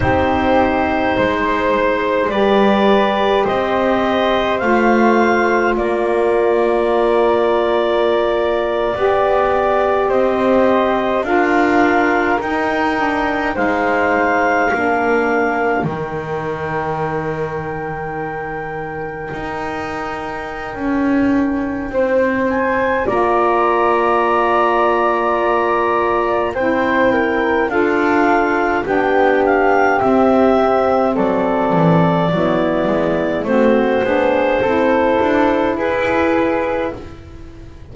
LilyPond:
<<
  \new Staff \with { instrumentName = "clarinet" } { \time 4/4 \tempo 4 = 52 c''2 d''4 dis''4 | f''4 d''2.~ | d''8. dis''4 f''4 g''4 f''16~ | f''4.~ f''16 g''2~ g''16~ |
g''2.~ g''8 gis''8 | ais''2. g''4 | f''4 g''8 f''8 e''4 d''4~ | d''4 c''2 b'4 | }
  \new Staff \with { instrumentName = "flute" } { \time 4/4 g'4 c''4 b'4 c''4~ | c''4 ais'2~ ais'8. d''16~ | d''8. c''4 ais'2 c''16~ | c''8. ais'2.~ ais'16~ |
ais'2. c''4 | d''2. c''8 ais'8 | a'4 g'2 a'4 | e'4 fis'8 gis'8 a'4 gis'4 | }
  \new Staff \with { instrumentName = "saxophone" } { \time 4/4 dis'2 g'2 | f'2.~ f'8. g'16~ | g'4.~ g'16 f'4 dis'8 d'8 dis'16~ | dis'8. d'4 dis'2~ dis'16~ |
dis'1 | f'2. e'4 | f'4 d'4 c'2 | b4 c'8 d'8 e'2 | }
  \new Staff \with { instrumentName = "double bass" } { \time 4/4 c'4 gis4 g4 c'4 | a4 ais2~ ais8. b16~ | b8. c'4 d'4 dis'4 gis16~ | gis8. ais4 dis2~ dis16~ |
dis8. dis'4~ dis'16 cis'4 c'4 | ais2. c'4 | d'4 b4 c'4 fis8 e8 | fis8 gis8 a8 b8 c'8 d'8 e'4 | }
>>